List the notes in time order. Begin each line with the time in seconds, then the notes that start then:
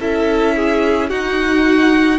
0.00 C#4 E4 A4 E5
0.56 G#4
1.09 D#4 F#4 F#5